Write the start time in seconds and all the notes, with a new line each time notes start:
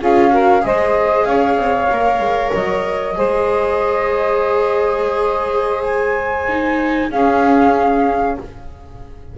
0.00 C#4 F4 G#4 F5
0.31 F#4 A#4
0.62 G#3 G#4 C5 D#5
1.25 C#4 C#5 F5
1.57 C4
1.91 A#3 A#4
2.19 G#3
2.54 F#3 D#5
3.16 G#3 G#4 C5
5.83 G#5
6.48 D#4
7.10 C#4 G#4 F5